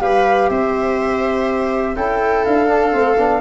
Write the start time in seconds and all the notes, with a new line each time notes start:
0.00 G3 G4 B4 F5
0.50 C4 C5 E5
1.96 C#4 E4 A4 G5
2.45 D4 F5
2.67 D4
2.92 A3 C4
3.18 B3 D4